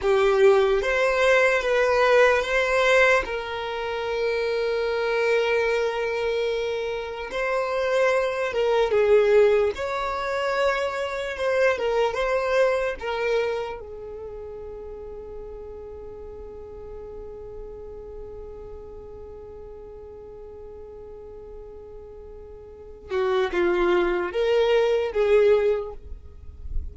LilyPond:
\new Staff \with { instrumentName = "violin" } { \time 4/4 \tempo 4 = 74 g'4 c''4 b'4 c''4 | ais'1~ | ais'4 c''4. ais'8 gis'4 | cis''2 c''8 ais'8 c''4 |
ais'4 gis'2.~ | gis'1~ | gis'1~ | gis'8 fis'8 f'4 ais'4 gis'4 | }